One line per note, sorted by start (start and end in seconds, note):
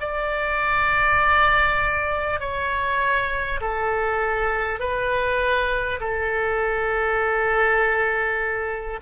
0.00 2.39 D5
2.39 3.59 C#5
3.60 4.79 A4
4.79 5.99 B4
5.99 8.99 A4